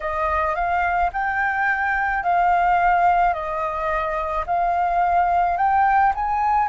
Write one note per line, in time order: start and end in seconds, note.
0.00 0.55 D#5
0.55 1.10 F5
1.13 2.23 G5
2.23 3.33 F5
3.33 4.44 D#5
4.46 5.57 F5
5.57 6.12 G5
6.15 6.68 G#5